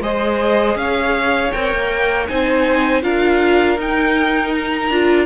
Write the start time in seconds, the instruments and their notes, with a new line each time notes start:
0.00 cello G#3, viola G#4, violin C5 D#5
0.75 cello C#4, violin C#5 F5
1.51 cello C4, viola A#4, violin G5
1.72 cello A#3
2.27 cello C4, viola D#4, violin C5 G#5
3.02 cello D4, viola F4, violin A#4 F5
3.77 cello D#4, viola D#4, violin G5
4.53 violin A#5
4.89 cello D4, viola F4